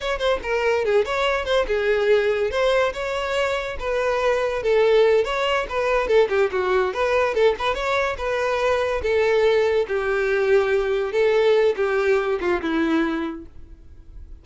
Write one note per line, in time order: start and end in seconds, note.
0.00 0.18 C#5
0.18 0.39 C5
0.43 0.84 A#4
0.84 1.05 G#4
1.05 1.45 C#5
1.45 1.66 C5
1.67 2.50 G#4
2.50 2.92 C5
2.93 3.77 C#5
3.79 4.62 B4
4.62 5.24 A4
5.24 5.66 C#5
5.69 6.07 B4
6.07 6.28 A4
6.29 6.50 G4
6.51 6.93 F#4
6.93 7.34 B4
7.34 7.55 A4
7.58 7.74 B4
7.74 8.16 C#5
8.17 9.01 B4
9.02 9.86 A4
9.87 11.12 G4
11.12 11.75 A4
11.76 12.39 G4
12.40 12.61 F4
12.61 13.45 E4